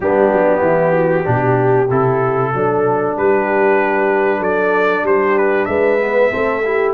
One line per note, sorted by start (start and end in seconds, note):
0.00 0.31 G3
0.00 1.24 B3
0.00 0.61 D4
0.00 1.90 G4
0.31 0.61 F#3
0.61 1.24 E3
0.61 0.92 E4
0.92 1.24 F#4
1.24 1.90 B2
1.24 1.87 D4
1.24 2.51 G4
1.90 2.53 C3
1.90 2.53 E4
1.90 3.17 A4
2.53 3.16 F#3
2.53 5.99 D4
2.53 3.17 A4
3.16 4.40 G3
3.16 4.39 G4
3.16 4.42 B4
4.39 5.03 F#3
4.39 5.02 A4
4.39 5.05 D5
5.03 5.66 G3
5.03 5.68 G4
5.03 5.37 C5
5.37 5.65 B4
5.65 6.31 G#3
5.65 6.31 B4
5.65 6.91 E5
5.99 6.30 B3
6.30 6.93 A3
6.30 6.61 C4
6.30 6.63 A4
6.64 6.93 E4
6.64 6.93 G4